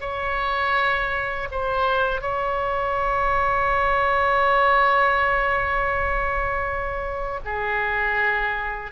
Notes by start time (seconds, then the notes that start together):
0.00 C#5
1.51 C5
2.21 C#5
7.44 G#4